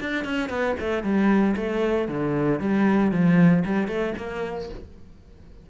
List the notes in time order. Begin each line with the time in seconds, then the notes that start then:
0.00 D4
0.24 C#4
0.49 B3
0.79 A3
1.03 G3
1.56 A3
2.08 D3
2.59 G3
3.11 F3
3.65 G3
3.88 A3
4.17 A#3